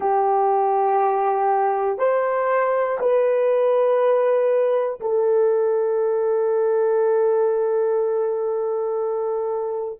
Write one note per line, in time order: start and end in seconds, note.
0.00 1.98 G4
1.98 2.98 C5
3.00 5.00 B4
5.00 9.99 A4